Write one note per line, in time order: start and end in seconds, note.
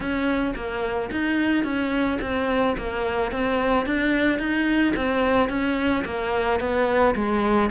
0.00 0.54 C#4
0.55 1.10 A#3
1.11 1.64 D#4
1.64 2.19 C#4
2.21 2.76 C4
2.77 3.31 A#3
3.31 3.86 C4
3.86 4.38 D4
4.38 4.93 D#4
4.96 5.49 C4
5.49 6.04 C#4
6.05 6.60 A#3
6.60 7.15 B3
7.15 7.70 G#3